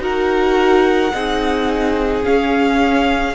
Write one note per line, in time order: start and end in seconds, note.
0.00 1.11 D#4
0.00 1.12 F#4
0.00 1.14 A#4
0.00 2.25 F#5
1.14 2.25 C4
1.14 2.24 D#4
1.14 3.36 G#4
2.24 3.35 C#4
2.24 3.36 C#4
2.24 3.36 F5